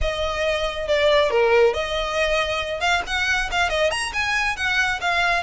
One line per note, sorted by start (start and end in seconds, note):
0.01 0.87 D#5
0.87 1.30 D5
1.30 1.73 A#4
1.73 2.80 D#5
2.80 3.02 F5
3.06 3.50 F#5
3.51 3.69 F5
3.69 3.90 D#5
3.90 4.12 A#5
4.13 4.56 G#5
4.56 4.99 F#5
5.00 5.42 F5